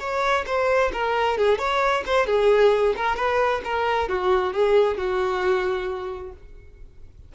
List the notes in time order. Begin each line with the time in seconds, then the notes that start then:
0.00 C#5
0.47 C5
0.93 A#4
1.38 G#4
1.59 C#5
2.06 C5
2.27 G#4
2.97 A#4
3.16 B4
3.65 A#4
4.09 F#4
4.54 G#4
4.98 F#4